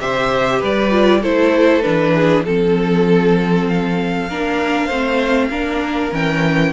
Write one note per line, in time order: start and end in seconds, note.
0.00 0.62 C3
0.00 0.90 G4
0.00 0.59 C5
0.00 0.61 E5
0.59 1.24 G3
0.59 1.20 B4
0.59 1.23 D5
0.90 1.21 F4
1.21 1.85 A3
1.21 1.82 E4
1.21 2.12 A4
1.21 1.82 C5
1.82 2.45 E3
1.82 2.44 D4
1.82 2.43 B4
2.15 2.45 G#4
2.45 4.28 F3
2.45 4.29 C4
2.45 3.67 A4
2.45 4.29 A4
3.68 6.13 F5
4.28 4.89 A#3
4.28 4.91 D4
4.28 4.86 A#4
4.86 5.50 A3
4.86 5.51 C4
4.86 5.47 C5
5.50 6.11 A#3
5.50 6.11 D4
5.50 6.73 A#4
6.11 6.73 E3
6.11 6.72 C#4
6.11 6.73 G5